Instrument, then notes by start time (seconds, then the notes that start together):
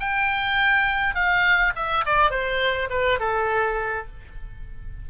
oboe
0.00 G5
1.15 F5
1.76 E5
2.06 D5
2.31 C5
2.90 B4
3.20 A4